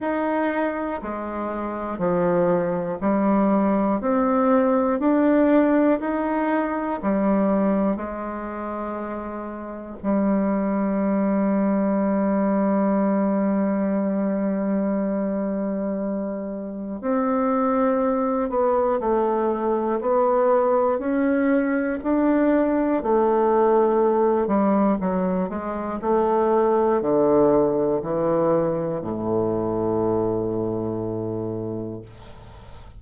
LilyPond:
\new Staff \with { instrumentName = "bassoon" } { \time 4/4 \tempo 4 = 60 dis'4 gis4 f4 g4 | c'4 d'4 dis'4 g4 | gis2 g2~ | g1~ |
g4 c'4. b8 a4 | b4 cis'4 d'4 a4~ | a8 g8 fis8 gis8 a4 d4 | e4 a,2. | }